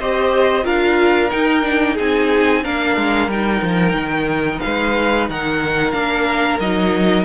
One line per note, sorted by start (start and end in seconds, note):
0.00 0.66 C4
0.00 0.63 G4
0.00 0.64 C5
0.00 0.66 D#5
0.63 1.31 D4
0.63 1.29 F4
0.63 1.95 A#4
0.63 1.31 F5
1.31 1.62 D#4
1.31 2.00 D#4
1.31 1.97 G5
1.62 1.95 D4
1.95 2.66 C4
1.95 2.64 D#4
1.95 2.60 G#4
1.95 2.64 G#5
2.64 2.97 A#3
2.64 3.30 D4
2.64 4.62 A#4
2.64 3.30 F5
2.97 3.28 G#3
3.28 3.61 G3
3.28 5.93 D#4
3.28 4.60 G5
3.62 3.94 F3
3.94 4.59 D#3
4.60 5.30 G#3
4.60 5.30 B4
4.60 5.26 F5
5.30 5.94 D#3
5.30 7.25 A#4
5.30 5.91 F#5
5.91 6.59 A#3
5.91 6.59 D4
5.91 6.57 F5
6.60 7.25 F#3
6.60 7.25 D#4
6.60 7.25 D#5